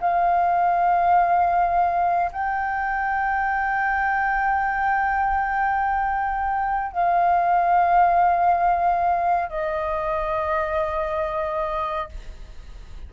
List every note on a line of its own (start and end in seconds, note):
0.00 2.31 F5
2.32 6.92 G5
6.92 9.49 F5
9.49 12.08 D#5